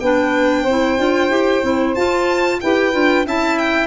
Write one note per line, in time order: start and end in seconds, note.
0.00 0.66 B3
0.00 0.68 D4
0.00 0.62 B4
0.00 1.94 G5
0.62 0.98 C4
0.62 2.58 C5
0.69 0.98 E4
0.98 1.29 D4
0.98 1.30 F4
1.29 1.62 E4
1.29 1.62 G4
1.62 1.95 C4
1.62 1.95 E4
1.94 2.61 F4
1.94 2.62 F4
1.94 2.60 A5
2.60 2.94 E4
2.60 2.92 G4
2.60 3.25 B4
2.60 3.26 G5
2.92 3.25 D4
2.92 3.25 F4
3.25 3.87 C#4
3.25 3.87 E4
3.25 3.87 E5
3.25 3.58 A5
3.58 3.87 G5